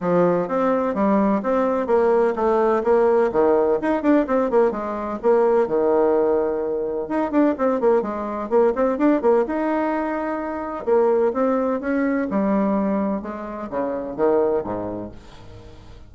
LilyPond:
\new Staff \with { instrumentName = "bassoon" } { \time 4/4 \tempo 4 = 127 f4 c'4 g4 c'4 | ais4 a4 ais4 dis4 | dis'8 d'8 c'8 ais8 gis4 ais4 | dis2. dis'8 d'8 |
c'8 ais8 gis4 ais8 c'8 d'8 ais8 | dis'2. ais4 | c'4 cis'4 g2 | gis4 cis4 dis4 gis,4 | }